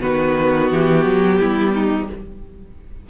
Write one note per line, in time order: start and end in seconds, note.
0.00 0.72 D#3
0.00 2.08 B3
0.00 1.38 F#4
0.00 0.70 B4
0.71 1.06 E3
0.71 2.09 G4
1.06 1.40 F#3
1.40 2.10 G3
1.40 1.74 E4
1.74 2.08 D#4